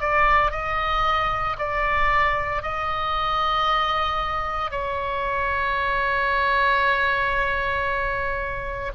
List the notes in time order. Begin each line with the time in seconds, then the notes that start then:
0.00 D5
0.52 D#5
1.59 D5
2.63 D#5
4.71 C#5